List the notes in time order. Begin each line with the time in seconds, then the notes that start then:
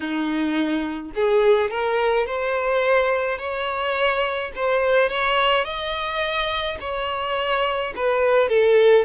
0.00 D#4
1.15 G#4
1.70 A#4
2.26 C5
3.38 C#5
4.55 C5
5.09 C#5
5.64 D#5
6.80 C#5
7.96 B4
8.49 A4